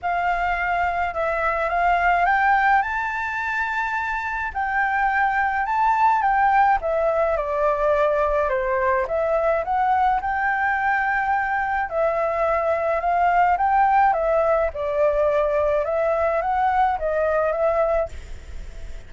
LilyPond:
\new Staff \with { instrumentName = "flute" } { \time 4/4 \tempo 4 = 106 f''2 e''4 f''4 | g''4 a''2. | g''2 a''4 g''4 | e''4 d''2 c''4 |
e''4 fis''4 g''2~ | g''4 e''2 f''4 | g''4 e''4 d''2 | e''4 fis''4 dis''4 e''4 | }